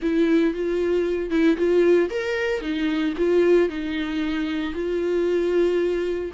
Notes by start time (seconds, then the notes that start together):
0.02 E4
0.54 F4
1.30 E4
1.57 F4
2.10 A#4
2.61 D#4
3.17 F4
3.69 D#4
4.73 F4